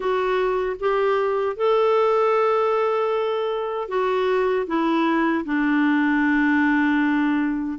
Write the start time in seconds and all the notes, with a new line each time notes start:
0.00 F#4
0.79 G4
1.56 A4
3.88 F#4
4.66 E4
5.44 D4